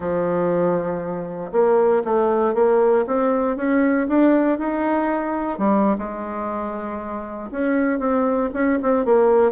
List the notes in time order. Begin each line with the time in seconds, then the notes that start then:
0.00 F3
1.51 A#3
2.04 A3
2.54 A#3
3.06 C4
3.56 C#4
4.08 D4
4.58 D#4
5.58 G3
5.97 G#3
7.51 C#4
7.99 C4
8.53 C#4
8.82 C4
9.05 A#3